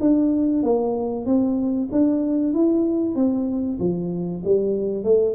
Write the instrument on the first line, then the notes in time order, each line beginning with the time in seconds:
tuba
0.00 D4
0.62 A#3
1.25 C4
1.91 D4
2.53 E4
3.15 C4
3.79 F3
4.44 G3
5.04 A3